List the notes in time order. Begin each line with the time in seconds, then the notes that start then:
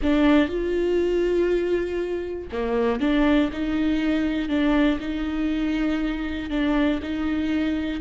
0.02 D4
0.48 F4
2.52 A#3
3.00 D4
3.52 D#4
4.48 D4
5.00 D#4
6.50 D4
7.02 D#4